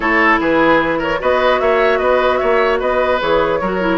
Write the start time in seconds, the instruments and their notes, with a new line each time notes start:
0.00 bassoon A3, clarinet E4, oboe A4, flute C#5
0.40 bassoon E3, oboe G#4, flute B4
0.99 oboe A#4, flute C#5
1.19 bassoon B3, clarinet F#4, oboe B4, flute D#5
1.59 bassoon A#3, oboe C#5, flute E5
1.98 bassoon B3, oboe B4, flute D#5
2.37 bassoon A#3, oboe C#5, flute E5
2.79 bassoon B3, oboe B4, flute D#5
3.20 bassoon E3, clarinet G#4, flute C#5
3.61 bassoon F#3, clarinet F#4, oboe A#4
3.80 clarinet E4